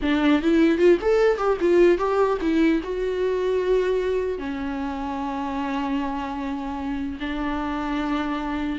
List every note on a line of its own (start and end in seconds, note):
0.02 0.41 D4
0.41 0.77 E4
0.77 0.97 F4
1.01 1.37 A4
1.37 1.57 G4
1.60 1.98 F4
1.98 2.38 G4
2.41 2.81 E4
2.83 4.38 F#4
4.38 7.18 C#4
7.20 8.79 D4